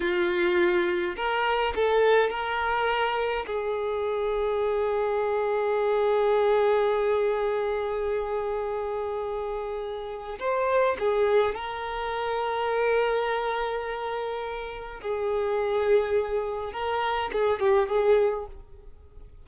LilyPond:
\new Staff \with { instrumentName = "violin" } { \time 4/4 \tempo 4 = 104 f'2 ais'4 a'4 | ais'2 gis'2~ | gis'1~ | gis'1~ |
gis'2 c''4 gis'4 | ais'1~ | ais'2 gis'2~ | gis'4 ais'4 gis'8 g'8 gis'4 | }